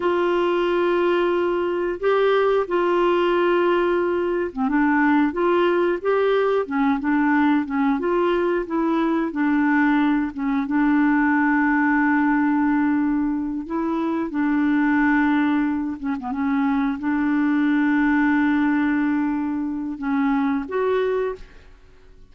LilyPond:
\new Staff \with { instrumentName = "clarinet" } { \time 4/4 \tempo 4 = 90 f'2. g'4 | f'2~ f'8. c'16 d'4 | f'4 g'4 cis'8 d'4 cis'8 | f'4 e'4 d'4. cis'8 |
d'1~ | d'8 e'4 d'2~ d'8 | cis'16 b16 cis'4 d'2~ d'8~ | d'2 cis'4 fis'4 | }